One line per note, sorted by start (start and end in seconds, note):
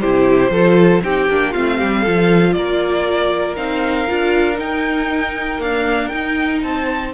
0.00 0.49 C3
0.00 0.51 E4
0.00 0.51 G4
0.00 1.02 C5
0.49 1.00 F3
0.49 1.02 F4
0.49 1.02 A4
1.02 1.29 C4
1.02 1.28 D#4
1.02 1.51 G4
1.02 1.53 G5
1.29 1.54 A#3
1.29 1.54 D4
1.51 1.81 A3
1.51 2.05 C4
1.51 1.77 F4
1.51 2.53 F5
1.78 2.07 G3
1.78 2.01 G4
2.01 2.56 F3
2.01 3.57 F4
2.01 2.52 A4
2.53 3.57 A#3
2.53 6.64 A#4
2.53 3.55 D5
3.56 4.08 C4
3.56 4.07 D#4
3.56 4.58 F5
4.07 4.60 D4
4.07 4.55 F4
4.55 5.57 D#4
4.55 5.62 D#4
4.55 5.61 G5
5.59 6.10 A#3
5.59 6.12 D4
5.59 6.08 F5
6.08 7.12 D#4
6.08 6.63 D#4
6.08 6.59 G5
6.63 7.13 C4
6.63 7.13 C5
6.63 7.13 A5